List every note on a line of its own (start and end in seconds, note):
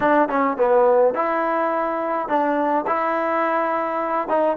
0.00 0.28 D4
0.28 0.57 C#4
0.57 1.14 B3
1.14 2.28 E4
2.28 2.85 D4
2.86 4.28 E4
4.28 4.56 D#4